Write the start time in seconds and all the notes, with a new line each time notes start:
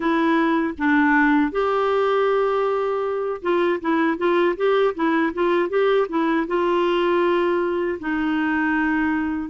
0.00 E4
0.78 D4
1.51 G4
3.42 F4
3.80 E4
4.17 F4
4.56 G4
4.94 E4
5.33 F4
5.69 G4
6.08 E4
6.47 F4
7.99 D#4